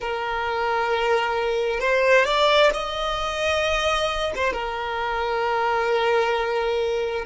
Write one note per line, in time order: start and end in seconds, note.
0.00 1.79 A#4
1.79 2.25 C5
2.25 2.70 D5
2.73 4.32 D#5
4.35 4.52 C5
4.52 7.25 A#4